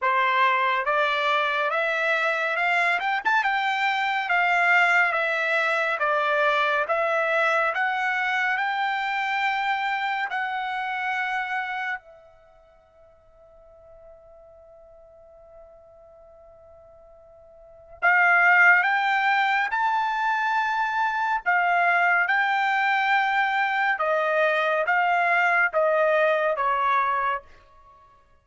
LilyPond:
\new Staff \with { instrumentName = "trumpet" } { \time 4/4 \tempo 4 = 70 c''4 d''4 e''4 f''8 g''16 a''16 | g''4 f''4 e''4 d''4 | e''4 fis''4 g''2 | fis''2 e''2~ |
e''1~ | e''4 f''4 g''4 a''4~ | a''4 f''4 g''2 | dis''4 f''4 dis''4 cis''4 | }